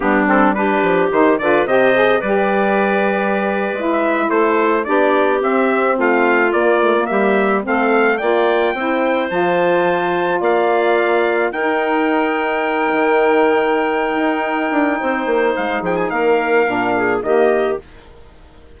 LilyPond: <<
  \new Staff \with { instrumentName = "trumpet" } { \time 4/4 \tempo 4 = 108 g'8 a'8 b'4 c''8 d''8 dis''4 | d''2. e''8. c''16~ | c''8. d''4 e''4 f''4 d''16~ | d''8. e''4 f''4 g''4~ g''16~ |
g''8. a''2 f''4~ f''16~ | f''8. g''2.~ g''16~ | g''1 | f''8 g''16 gis''16 f''2 dis''4 | }
  \new Staff \with { instrumentName = "clarinet" } { \time 4/4 d'4 g'4. b'8 c''4 | b'2.~ b'8. a'16~ | a'8. g'2 f'4~ f'16~ | f'8. g'4 a'4 d''4 c''16~ |
c''2~ c''8. d''4~ d''16~ | d''8. ais'2.~ ais'16~ | ais'2. c''4~ | c''8 gis'8 ais'4. gis'8 g'4 | }
  \new Staff \with { instrumentName = "saxophone" } { \time 4/4 b8 c'8 d'4 dis'8 f'8 g'8 gis'8 | g'2~ g'8. e'4~ e'16~ | e'8. d'4 c'2 ais16~ | ais16 a16 ais4~ ais16 c'4 f'4 e'16~ |
e'8. f'2.~ f'16~ | f'8. dis'2.~ dis'16~ | dis'1~ | dis'2 d'4 ais4 | }
  \new Staff \with { instrumentName = "bassoon" } { \time 4/4 g4. f8 dis8 d8 c4 | g2~ g8. gis4 a16~ | a8. b4 c'4 a4 ais16~ | ais8. g4 a4 ais4 c'16~ |
c'8. f2 ais4~ ais16~ | ais8. dis'2~ dis'8 dis8.~ | dis4. dis'4 d'8 c'8 ais8 | gis8 f8 ais4 ais,4 dis4 | }
>>